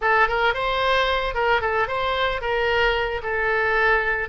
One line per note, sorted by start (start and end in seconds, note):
0.01 0.28 A4
0.28 0.54 A#4
0.54 1.34 C5
1.34 1.61 A#4
1.61 1.87 A4
1.87 2.41 C5
2.41 3.21 A#4
3.22 4.28 A4